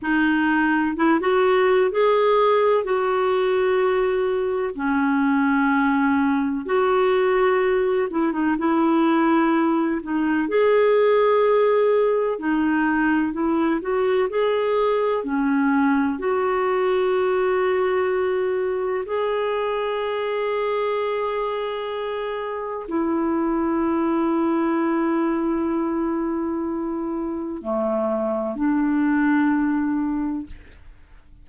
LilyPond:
\new Staff \with { instrumentName = "clarinet" } { \time 4/4 \tempo 4 = 63 dis'4 e'16 fis'8. gis'4 fis'4~ | fis'4 cis'2 fis'4~ | fis'8 e'16 dis'16 e'4. dis'8 gis'4~ | gis'4 dis'4 e'8 fis'8 gis'4 |
cis'4 fis'2. | gis'1 | e'1~ | e'4 a4 d'2 | }